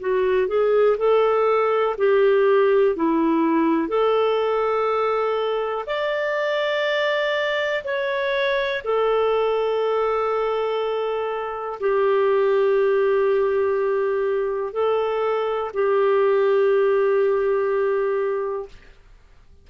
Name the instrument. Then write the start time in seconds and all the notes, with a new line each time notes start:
clarinet
0.00 F#4
0.48 G#4
0.97 A4
1.98 G4
2.96 E4
3.89 A4
5.87 D5
7.84 C#5
8.84 A4
11.80 G4
14.73 A4
15.73 G4